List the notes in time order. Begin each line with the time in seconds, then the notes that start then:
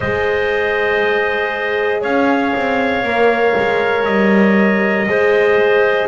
0.00 G#3 G#4 C5 D#5
2.00 C#4 C#5 F5
2.55 C4
3.03 A#3 A#4
3.57 G#3
4.04 G3 D#5
5.07 G#3 G#4 C5